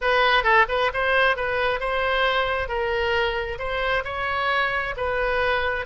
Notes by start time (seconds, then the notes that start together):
0.01 B4
0.43 A4
0.68 B4
0.93 C5
1.36 B4
1.79 C5
2.68 A#4
3.58 C5
4.04 C#5
4.96 B4